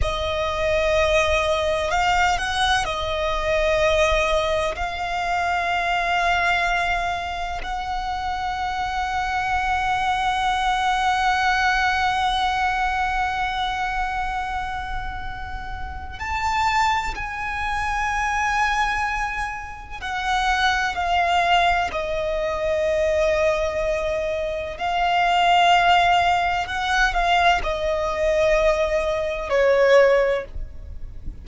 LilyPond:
\new Staff \with { instrumentName = "violin" } { \time 4/4 \tempo 4 = 63 dis''2 f''8 fis''8 dis''4~ | dis''4 f''2. | fis''1~ | fis''1~ |
fis''4 a''4 gis''2~ | gis''4 fis''4 f''4 dis''4~ | dis''2 f''2 | fis''8 f''8 dis''2 cis''4 | }